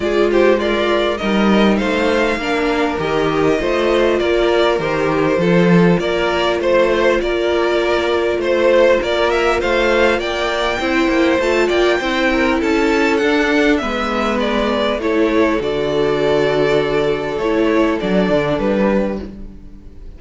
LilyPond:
<<
  \new Staff \with { instrumentName = "violin" } { \time 4/4 \tempo 4 = 100 d''8 c''8 d''4 dis''4 f''4~ | f''4 dis''2 d''4 | c''2 d''4 c''4 | d''2 c''4 d''8 e''8 |
f''4 g''2 a''8 g''8~ | g''4 a''4 fis''4 e''4 | d''4 cis''4 d''2~ | d''4 cis''4 d''4 b'4 | }
  \new Staff \with { instrumentName = "violin" } { \time 4/4 gis'8 g'8 f'4 ais'4 c''4 | ais'2 c''4 ais'4~ | ais'4 a'4 ais'4 c''4 | ais'2 c''4 ais'4 |
c''4 d''4 c''4. d''8 | c''8 ais'8 a'2 b'4~ | b'4 a'2.~ | a'2.~ a'8 g'8 | }
  \new Staff \with { instrumentName = "viola" } { \time 4/4 f'4 ais'4 dis'2 | d'4 g'4 f'2 | g'4 f'2.~ | f'1~ |
f'2 e'4 f'4 | e'2 d'4 b4~ | b4 e'4 fis'2~ | fis'4 e'4 d'2 | }
  \new Staff \with { instrumentName = "cello" } { \time 4/4 gis2 g4 a4 | ais4 dis4 a4 ais4 | dis4 f4 ais4 a4 | ais2 a4 ais4 |
a4 ais4 c'8 ais8 a8 ais8 | c'4 cis'4 d'4 gis4~ | gis4 a4 d2~ | d4 a4 fis8 d8 g4 | }
>>